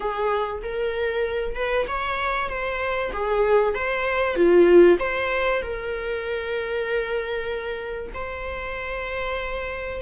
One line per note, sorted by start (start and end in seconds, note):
0.00 0.62 G#4
0.62 1.55 A#4
1.55 1.86 B4
1.87 2.49 C#5
2.49 3.11 C5
3.12 3.74 G#4
3.74 4.35 C5
4.35 4.98 F4
4.99 5.61 C5
5.61 8.11 A#4
8.14 10.01 C5